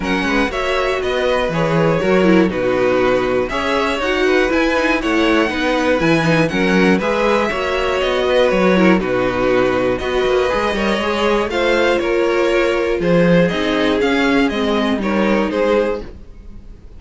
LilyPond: <<
  \new Staff \with { instrumentName = "violin" } { \time 4/4 \tempo 4 = 120 fis''4 e''4 dis''4 cis''4~ | cis''4 b'2 e''4 | fis''4 gis''4 fis''2 | gis''4 fis''4 e''2 |
dis''4 cis''4 b'2 | dis''2. f''4 | cis''2 c''4 dis''4 | f''4 dis''4 cis''4 c''4 | }
  \new Staff \with { instrumentName = "violin" } { \time 4/4 ais'8 b'8 cis''4 b'2 | ais'4 fis'2 cis''4~ | cis''8 b'4. cis''4 b'4~ | b'4 ais'4 b'4 cis''4~ |
cis''8 b'4 ais'8 fis'2 | b'4. cis''4. c''4 | ais'2 gis'2~ | gis'2 ais'4 gis'4 | }
  \new Staff \with { instrumentName = "viola" } { \time 4/4 cis'4 fis'2 gis'4 | fis'8 e'8 dis'2 gis'4 | fis'4 e'8 dis'8 e'4 dis'4 | e'8 dis'8 cis'4 gis'4 fis'4~ |
fis'4. e'8 dis'2 | fis'4 gis'8 ais'8 gis'4 f'4~ | f'2. dis'4 | cis'4 c'4 dis'2 | }
  \new Staff \with { instrumentName = "cello" } { \time 4/4 fis8 gis8 ais4 b4 e4 | fis4 b,2 cis'4 | dis'4 e'4 a4 b4 | e4 fis4 gis4 ais4 |
b4 fis4 b,2 | b8 ais8 gis8 g8 gis4 a4 | ais2 f4 c'4 | cis'4 gis4 g4 gis4 | }
>>